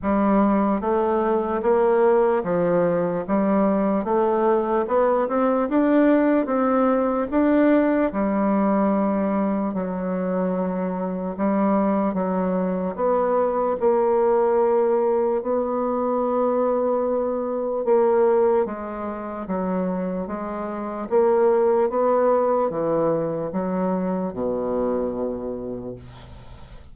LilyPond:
\new Staff \with { instrumentName = "bassoon" } { \time 4/4 \tempo 4 = 74 g4 a4 ais4 f4 | g4 a4 b8 c'8 d'4 | c'4 d'4 g2 | fis2 g4 fis4 |
b4 ais2 b4~ | b2 ais4 gis4 | fis4 gis4 ais4 b4 | e4 fis4 b,2 | }